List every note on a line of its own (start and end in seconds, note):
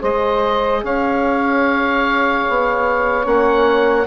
0.00 0.83 G#3
0.00 3.24 G#4
0.00 0.81 C5
0.00 0.84 D#5
0.83 2.45 C#4
0.83 4.06 C#5
0.83 3.27 F5
2.48 3.25 B3
3.24 4.06 A#3
3.24 4.05 C#4
3.24 4.06 F#5